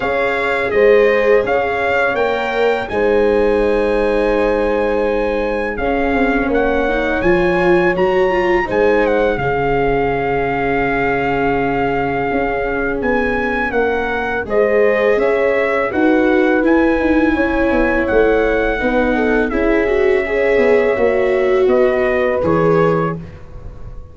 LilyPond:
<<
  \new Staff \with { instrumentName = "trumpet" } { \time 4/4 \tempo 4 = 83 f''4 dis''4 f''4 g''4 | gis''1 | f''4 fis''4 gis''4 ais''4 | gis''8 fis''8 f''2.~ |
f''2 gis''4 fis''4 | dis''4 e''4 fis''4 gis''4~ | gis''4 fis''2 e''4~ | e''2 dis''4 cis''4 | }
  \new Staff \with { instrumentName = "horn" } { \time 4/4 cis''4 c''4 cis''2 | c''1 | gis'4 cis''2. | c''4 gis'2.~ |
gis'2. ais'4 | c''4 cis''4 b'2 | cis''2 b'8 a'8 gis'4 | cis''2 b'2 | }
  \new Staff \with { instrumentName = "viola" } { \time 4/4 gis'2. ais'4 | dis'1 | cis'4. dis'8 f'4 fis'8 f'8 | dis'4 cis'2.~ |
cis'1 | gis'2 fis'4 e'4~ | e'2 dis'4 e'8 fis'8 | gis'4 fis'2 gis'4 | }
  \new Staff \with { instrumentName = "tuba" } { \time 4/4 cis'4 gis4 cis'4 ais4 | gis1 | cis'8 c'8 ais4 f4 fis4 | gis4 cis2.~ |
cis4 cis'4 b4 ais4 | gis4 cis'4 dis'4 e'8 dis'8 | cis'8 b8 a4 b4 cis'4~ | cis'8 b8 ais4 b4 e4 | }
>>